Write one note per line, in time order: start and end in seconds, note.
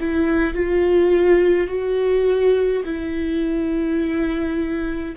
0.00 0.54 E4
0.54 1.68 F4
1.68 2.83 F#4
2.85 5.16 E4